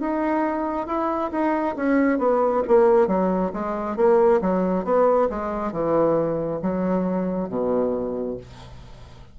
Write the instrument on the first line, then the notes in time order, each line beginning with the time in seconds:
bassoon
0.00 D#4
0.87 E4
1.31 D#4
1.76 C#4
2.18 B3
2.68 A#3
3.07 F#3
3.53 G#3
3.96 A#3
4.41 F#3
4.84 B3
5.29 G#3
5.72 E3
6.62 F#3
7.49 B2